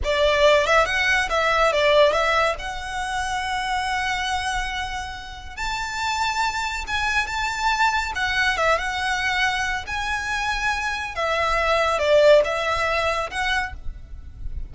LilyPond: \new Staff \with { instrumentName = "violin" } { \time 4/4 \tempo 4 = 140 d''4. e''8 fis''4 e''4 | d''4 e''4 fis''2~ | fis''1~ | fis''4 a''2. |
gis''4 a''2 fis''4 | e''8 fis''2~ fis''8 gis''4~ | gis''2 e''2 | d''4 e''2 fis''4 | }